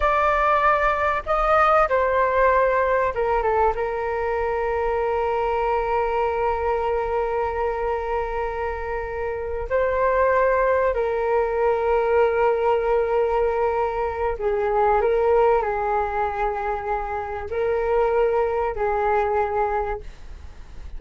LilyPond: \new Staff \with { instrumentName = "flute" } { \time 4/4 \tempo 4 = 96 d''2 dis''4 c''4~ | c''4 ais'8 a'8 ais'2~ | ais'1~ | ais'2.~ ais'8 c''8~ |
c''4. ais'2~ ais'8~ | ais'2. gis'4 | ais'4 gis'2. | ais'2 gis'2 | }